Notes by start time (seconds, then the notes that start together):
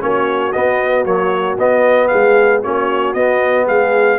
0.00 A#3 C#4 F#4 C#5
0.53 B3 D#5
1.06 F#3 A#3 C#5
1.58 B3 D#5
2.08 G#3 G#4 F5
2.63 A#3 C#4 F#4 C#5
3.14 B3 D#5
3.67 G#3 G#4 F5